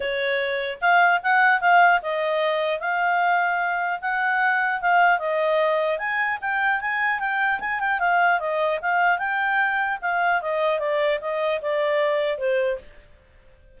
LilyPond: \new Staff \with { instrumentName = "clarinet" } { \time 4/4 \tempo 4 = 150 cis''2 f''4 fis''4 | f''4 dis''2 f''4~ | f''2 fis''2 | f''4 dis''2 gis''4 |
g''4 gis''4 g''4 gis''8 g''8 | f''4 dis''4 f''4 g''4~ | g''4 f''4 dis''4 d''4 | dis''4 d''2 c''4 | }